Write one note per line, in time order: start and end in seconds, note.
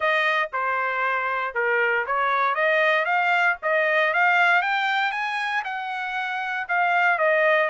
0.00 0.49 D#5
0.52 1.54 C5
1.54 2.05 A#4
2.06 2.54 C#5
2.54 3.05 D#5
3.05 3.56 F5
3.62 4.13 D#5
4.13 4.62 F5
4.62 5.11 G5
5.11 5.62 G#5
5.64 6.67 F#5
6.68 7.18 F5
7.18 7.69 D#5